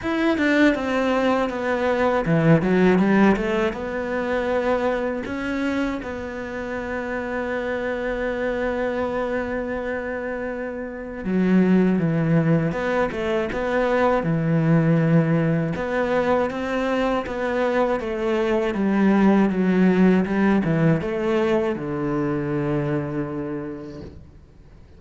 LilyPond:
\new Staff \with { instrumentName = "cello" } { \time 4/4 \tempo 4 = 80 e'8 d'8 c'4 b4 e8 fis8 | g8 a8 b2 cis'4 | b1~ | b2. fis4 |
e4 b8 a8 b4 e4~ | e4 b4 c'4 b4 | a4 g4 fis4 g8 e8 | a4 d2. | }